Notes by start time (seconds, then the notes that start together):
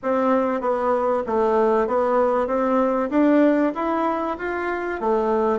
0.02 C4
0.61 B3
1.26 A3
1.87 B3
2.47 C4
3.10 D4
3.74 E4
4.38 F4
5.00 A3